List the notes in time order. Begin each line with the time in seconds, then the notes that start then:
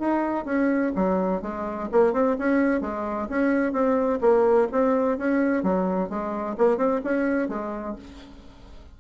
0.00 D#4
0.46 C#4
0.96 F#3
1.43 G#3
1.92 A#3
2.13 C4
2.39 C#4
2.82 G#3
3.30 C#4
3.73 C4
4.21 A#3
4.72 C4
5.18 C#4
5.63 F#3
6.10 G#3
6.59 A#3
6.78 C4
7.05 C#4
7.49 G#3